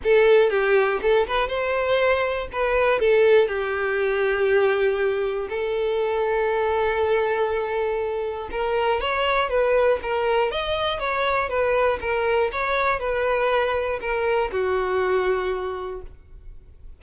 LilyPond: \new Staff \with { instrumentName = "violin" } { \time 4/4 \tempo 4 = 120 a'4 g'4 a'8 b'8 c''4~ | c''4 b'4 a'4 g'4~ | g'2. a'4~ | a'1~ |
a'4 ais'4 cis''4 b'4 | ais'4 dis''4 cis''4 b'4 | ais'4 cis''4 b'2 | ais'4 fis'2. | }